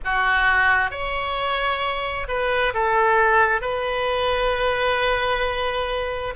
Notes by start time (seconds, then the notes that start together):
0.04 F#4
0.90 C#5
2.27 B4
2.74 A4
3.61 B4